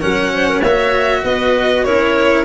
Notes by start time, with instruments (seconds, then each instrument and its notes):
0.00 tuba F#3, cello C#4, clarinet A#4, violin F#5
0.34 clarinet C5
0.49 clarinet A#4
0.59 tuba A#3, clarinet C#5, violin E5
0.67 cello F#4
1.24 tuba B3, clarinet B4, violin D#5
1.84 tuba C#4, cello E4, clarinet A#4, violin C#5